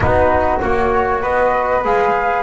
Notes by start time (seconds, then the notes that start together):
0.00 B3 D#4 F#4 B4
0.60 A#3 F#4 C#5
1.21 B3 B4 D#5
1.84 G#3 G#4 F5